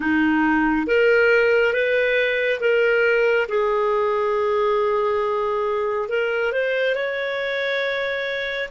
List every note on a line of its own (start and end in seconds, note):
0.00 0.87 D#4
0.87 1.73 A#4
1.73 2.60 B4
2.60 3.47 A#4
3.48 6.08 G#4
6.08 6.52 A#4
6.52 6.95 C5
6.95 8.69 C#5